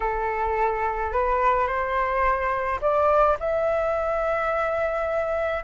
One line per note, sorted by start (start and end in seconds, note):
0.00 1.12 A4
1.12 1.67 B4
1.67 2.79 C5
2.81 3.37 D5
3.39 5.63 E5